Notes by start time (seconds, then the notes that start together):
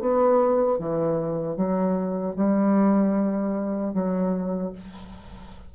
0.00 B3
0.79 E3
1.57 F#3
2.36 G3
3.94 F#3